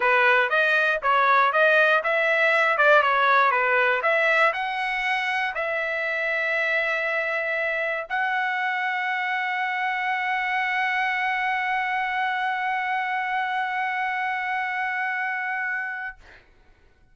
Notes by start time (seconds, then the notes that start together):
0.00 B4
0.49 D#5
1.02 C#5
1.52 D#5
2.03 E5
2.77 D5
3.02 C#5
3.51 B4
4.02 E5
4.53 F#5
5.54 E5
8.09 F#5